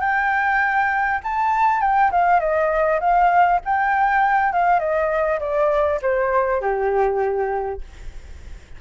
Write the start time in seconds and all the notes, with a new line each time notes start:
0.00 G5
1.24 A5
1.81 G5
2.11 F5
2.40 D#5
3.00 F5
3.65 G5
4.52 F5
4.79 D#5
5.40 D5
6.02 C5
6.61 G4